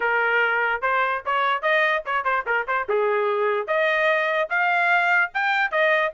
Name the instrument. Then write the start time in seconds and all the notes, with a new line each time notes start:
trumpet
0.00 A#4
0.81 C5
1.25 C#5
1.62 D#5
2.05 C#5
2.24 C5
2.46 A#4
2.67 C5
2.88 G#4
3.67 D#5
4.49 F5
5.33 G5
5.71 D#5